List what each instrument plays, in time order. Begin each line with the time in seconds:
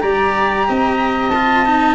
0.00 tuba G3, cello G4, oboe D5, flute A#5
0.67 tuba C4, oboe D#5
1.30 cello F4, flute A5
1.66 cello D#4